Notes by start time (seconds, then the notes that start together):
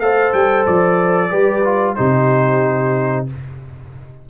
0.00 A3 A4 C5 F5
0.33 G3 G5
0.66 F3 D5
1.30 G3 G4 B4
1.64 F4
1.95 C3 D#4 G4 C5